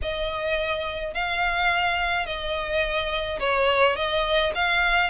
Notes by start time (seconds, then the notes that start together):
0.02 D#5
1.13 F5
2.26 D#5
3.39 C#5
3.96 D#5
4.54 F5